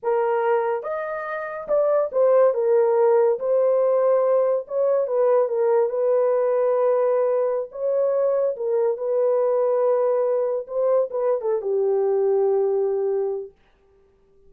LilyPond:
\new Staff \with { instrumentName = "horn" } { \time 4/4 \tempo 4 = 142 ais'2 dis''2 | d''4 c''4 ais'2 | c''2. cis''4 | b'4 ais'4 b'2~ |
b'2~ b'16 cis''4.~ cis''16~ | cis''16 ais'4 b'2~ b'8.~ | b'4~ b'16 c''4 b'8. a'8 g'8~ | g'1 | }